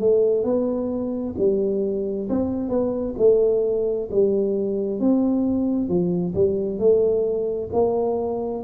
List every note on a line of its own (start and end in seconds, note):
0.00 0.44 A3
0.44 1.35 B3
1.38 2.29 G3
2.29 2.69 C4
2.69 3.15 B3
3.18 4.09 A3
4.11 5.00 G3
5.00 5.89 C4
5.89 6.34 F3
6.35 6.79 G3
6.79 7.70 A3
7.73 8.64 A#3